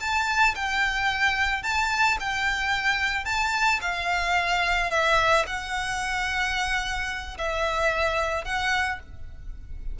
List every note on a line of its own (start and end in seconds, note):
0.00 0.55 A5
0.55 1.63 G5
1.63 2.17 A5
2.20 3.25 G5
3.25 3.80 A5
3.81 4.90 F5
4.91 5.45 E5
5.46 7.37 F#5
7.38 8.45 E5
8.45 8.99 F#5